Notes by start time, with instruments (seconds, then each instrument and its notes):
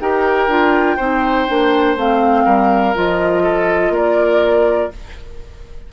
0.00 bassoon D#4, clarinet G4, oboe A#4, flute G5
0.48 bassoon D4, clarinet F4
0.96 bassoon C4, clarinet D#4, oboe C5
1.48 bassoon A#3, clarinet D4
1.96 bassoon A3, clarinet C4, flute F5
2.45 bassoon G3, oboe A#4
2.94 bassoon F3, clarinet F4, flute D#5
3.43 oboe A4
3.90 bassoon A#3, oboe A#4, flute D5